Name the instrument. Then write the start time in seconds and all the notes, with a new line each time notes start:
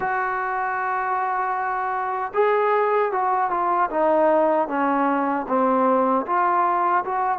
trombone
0.00 F#4
2.34 G#4
3.12 F#4
3.50 F4
3.90 D#4
4.68 C#4
5.48 C4
6.26 F4
7.04 F#4